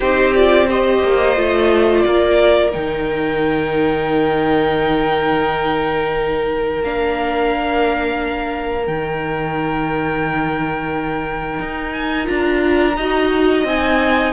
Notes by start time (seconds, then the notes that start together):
0.00 C4 D#4 G4 C5
0.34 F4 D5
0.68 G4 C5 D#5
1.02 A#3
1.36 A3 F4
2.01 A#3 A#4 D5
2.71 D#3 D#4 G5
6.83 A#3 D4 F5
8.85 D#3 D#4 G5
11.59 D#4
11.92 G#5
12.24 D4 F4 A#5
12.96 D#4 F#4 D#5
13.64 C4 D#4 G#5